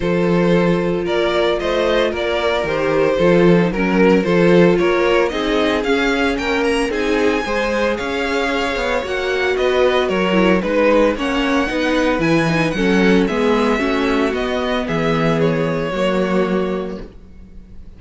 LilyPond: <<
  \new Staff \with { instrumentName = "violin" } { \time 4/4 \tempo 4 = 113 c''2 d''4 dis''4 | d''4 c''2 ais'4 | c''4 cis''4 dis''4 f''4 | g''8 ais''8 gis''2 f''4~ |
f''4 fis''4 dis''4 cis''4 | b'4 fis''2 gis''4 | fis''4 e''2 dis''4 | e''4 cis''2. | }
  \new Staff \with { instrumentName = "violin" } { \time 4/4 a'2 ais'4 c''4 | ais'2 a'4 ais'4 | a'4 ais'4 gis'2 | ais'4 gis'4 c''4 cis''4~ |
cis''2 b'4 ais'4 | b'4 cis''4 b'2 | a'4 gis'4 fis'2 | gis'2 fis'2 | }
  \new Staff \with { instrumentName = "viola" } { \time 4/4 f'1~ | f'4 g'4 f'8. dis'16 cis'4 | f'2 dis'4 cis'4~ | cis'4 dis'4 gis'2~ |
gis'4 fis'2~ fis'8 e'8 | dis'4 cis'4 dis'4 e'8 dis'8 | cis'4 b4 cis'4 b4~ | b2 ais2 | }
  \new Staff \with { instrumentName = "cello" } { \time 4/4 f2 ais4 a4 | ais4 dis4 f4 fis4 | f4 ais4 c'4 cis'4 | ais4 c'4 gis4 cis'4~ |
cis'8 b8 ais4 b4 fis4 | gis4 ais4 b4 e4 | fis4 gis4 a4 b4 | e2 fis2 | }
>>